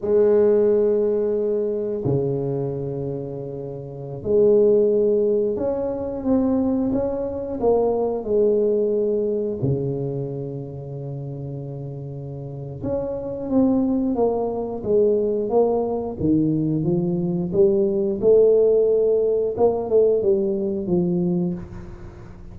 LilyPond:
\new Staff \with { instrumentName = "tuba" } { \time 4/4 \tempo 4 = 89 gis2. cis4~ | cis2~ cis16 gis4.~ gis16~ | gis16 cis'4 c'4 cis'4 ais8.~ | ais16 gis2 cis4.~ cis16~ |
cis2. cis'4 | c'4 ais4 gis4 ais4 | dis4 f4 g4 a4~ | a4 ais8 a8 g4 f4 | }